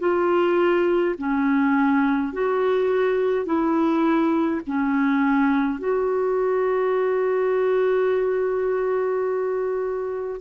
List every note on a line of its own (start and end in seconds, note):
0.00 1.15 F4
1.18 2.33 C#4
2.33 3.46 F#4
3.46 4.61 E4
4.67 5.79 C#4
5.79 10.41 F#4